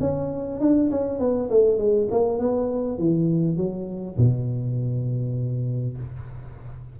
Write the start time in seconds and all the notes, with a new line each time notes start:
0.00 C#4
0.60 D4
0.91 C#4
1.19 B3
1.50 A3
1.78 G#3
2.11 A#3
2.39 B3
2.98 E3
3.57 F#3
4.17 B2